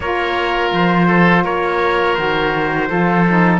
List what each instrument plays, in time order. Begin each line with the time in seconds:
0.00 cello A#3, saxophone F4, oboe A#4, trumpet C#5
0.72 cello F3, trumpet C5
1.07 oboe A4
1.44 cello A#3, oboe A#4, trumpet C#5
2.14 cello D#3, saxophone F#4, trumpet C5
2.88 cello F3, saxophone F4, oboe A4
3.28 saxophone D#4